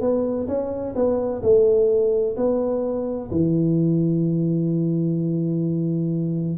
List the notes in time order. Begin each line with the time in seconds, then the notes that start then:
0.00 B3
0.47 C#4
0.95 B3
1.42 A3
2.36 B3
3.31 E3